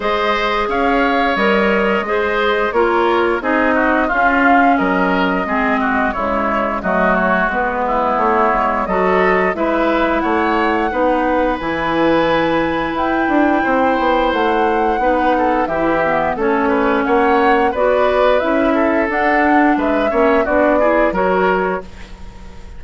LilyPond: <<
  \new Staff \with { instrumentName = "flute" } { \time 4/4 \tempo 4 = 88 dis''4 f''4 dis''2 | cis''4 dis''4 f''4 dis''4~ | dis''4 cis''4 dis''8 cis''8 b'4 | cis''4 dis''4 e''4 fis''4~ |
fis''4 gis''2 g''4~ | g''4 fis''2 e''4 | cis''4 fis''4 d''4 e''4 | fis''4 e''4 d''4 cis''4 | }
  \new Staff \with { instrumentName = "oboe" } { \time 4/4 c''4 cis''2 c''4 | ais'4 gis'8 fis'8 f'4 ais'4 | gis'8 fis'8 e'4 fis'4. e'8~ | e'4 a'4 b'4 cis''4 |
b'1 | c''2 b'8 a'8 g'4 | a'8 b'8 cis''4 b'4. a'8~ | a'4 b'8 cis''8 fis'8 gis'8 ais'4 | }
  \new Staff \with { instrumentName = "clarinet" } { \time 4/4 gis'2 ais'4 gis'4 | f'4 dis'4 cis'2 | c'4 gis4 a4 b4~ | b4 fis'4 e'2 |
dis'4 e'2.~ | e'2 dis'4 e'8 b8 | cis'2 fis'4 e'4 | d'4. cis'8 d'8 e'8 fis'4 | }
  \new Staff \with { instrumentName = "bassoon" } { \time 4/4 gis4 cis'4 g4 gis4 | ais4 c'4 cis'4 fis4 | gis4 cis4 fis4 gis4 | a8 gis8 fis4 gis4 a4 |
b4 e2 e'8 d'8 | c'8 b8 a4 b4 e4 | a4 ais4 b4 cis'4 | d'4 gis8 ais8 b4 fis4 | }
>>